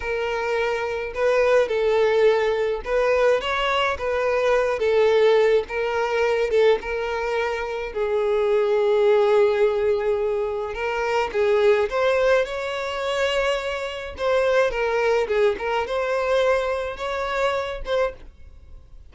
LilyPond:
\new Staff \with { instrumentName = "violin" } { \time 4/4 \tempo 4 = 106 ais'2 b'4 a'4~ | a'4 b'4 cis''4 b'4~ | b'8 a'4. ais'4. a'8 | ais'2 gis'2~ |
gis'2. ais'4 | gis'4 c''4 cis''2~ | cis''4 c''4 ais'4 gis'8 ais'8 | c''2 cis''4. c''8 | }